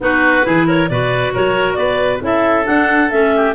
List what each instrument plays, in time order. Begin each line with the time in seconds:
0.00 tuba B3, clarinet D#4 B4, oboe F#4
0.42 tuba E3, clarinet E4, oboe G#4
0.66 oboe A#4, clarinet C#5
0.88 tuba B2, clarinet F#4 D5, oboe B4
1.33 tuba F#3, oboe A#4, clarinet C#5
1.74 tuba B3, oboe B4, clarinet D5
2.21 tuba C#4, clarinet E4 E5, oboe A4
2.63 clarinet D4 F#5, tuba D4
3.10 tuba A3, clarinet C#4 E5
3.36 oboe G4